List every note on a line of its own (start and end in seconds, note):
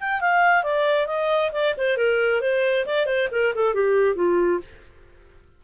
0.00 0.20 G5
0.20 0.63 F5
0.63 1.07 D5
1.07 1.51 D#5
1.52 1.74 D5
1.77 1.97 C5
1.97 2.41 A#4
2.41 2.85 C5
2.86 3.06 D5
3.06 3.28 C5
3.31 3.54 A#4
3.55 3.74 A4
3.74 4.15 G4
4.15 4.60 F4